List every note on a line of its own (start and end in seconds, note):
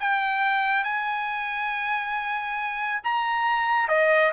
0.00 0.84 G5
0.84 3.02 G#5
3.04 3.89 A#5
3.89 4.32 D#5